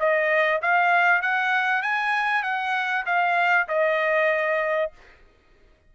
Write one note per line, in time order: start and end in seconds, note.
0.00 0.62 D#5
0.62 1.22 F5
1.22 1.82 F#5
1.82 2.43 G#5
2.43 3.05 F#5
3.06 3.68 F5
3.68 4.92 D#5